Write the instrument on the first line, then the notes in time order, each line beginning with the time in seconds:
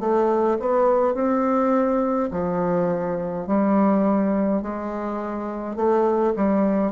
bassoon
0.00 A3
0.60 B3
1.14 C4
2.32 F3
3.47 G3
4.63 G#3
5.76 A3
6.36 G3